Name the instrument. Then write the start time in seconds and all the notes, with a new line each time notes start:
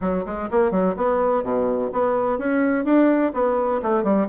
bassoon
0.01 F#3
0.25 G#3
0.50 A#3
0.71 F#3
0.96 B3
1.43 B2
1.92 B3
2.38 C#4
2.84 D4
3.33 B3
3.82 A3
4.03 G3